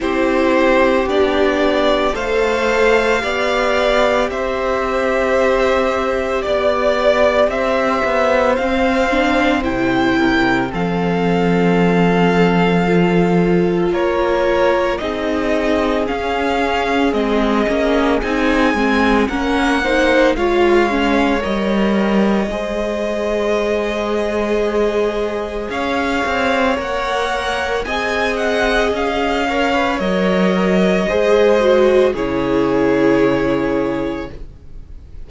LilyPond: <<
  \new Staff \with { instrumentName = "violin" } { \time 4/4 \tempo 4 = 56 c''4 d''4 f''2 | e''2 d''4 e''4 | f''4 g''4 f''2~ | f''4 cis''4 dis''4 f''4 |
dis''4 gis''4 fis''4 f''4 | dis''1 | f''4 fis''4 gis''8 fis''8 f''4 | dis''2 cis''2 | }
  \new Staff \with { instrumentName = "violin" } { \time 4/4 g'2 c''4 d''4 | c''2 d''4 c''4~ | c''4. ais'8 a'2~ | a'4 ais'4 gis'2~ |
gis'2 ais'8 c''8 cis''4~ | cis''4 c''2. | cis''2 dis''4. cis''8~ | cis''4 c''4 gis'2 | }
  \new Staff \with { instrumentName = "viola" } { \time 4/4 e'4 d'4 a'4 g'4~ | g'1 | c'8 d'8 e'4 c'2 | f'2 dis'4 cis'4 |
c'8 cis'8 dis'8 c'8 cis'8 dis'8 f'8 cis'8 | ais'4 gis'2.~ | gis'4 ais'4 gis'4. ais'16 b'16 | ais'4 gis'8 fis'8 e'2 | }
  \new Staff \with { instrumentName = "cello" } { \time 4/4 c'4 b4 a4 b4 | c'2 b4 c'8 b8 | c'4 c4 f2~ | f4 ais4 c'4 cis'4 |
gis8 ais8 c'8 gis8 ais4 gis4 | g4 gis2. | cis'8 c'8 ais4 c'4 cis'4 | fis4 gis4 cis2 | }
>>